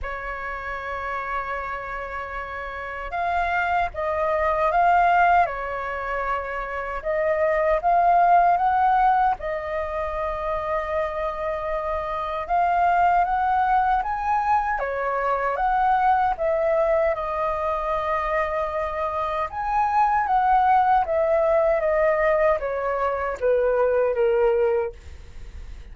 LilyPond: \new Staff \with { instrumentName = "flute" } { \time 4/4 \tempo 4 = 77 cis''1 | f''4 dis''4 f''4 cis''4~ | cis''4 dis''4 f''4 fis''4 | dis''1 |
f''4 fis''4 gis''4 cis''4 | fis''4 e''4 dis''2~ | dis''4 gis''4 fis''4 e''4 | dis''4 cis''4 b'4 ais'4 | }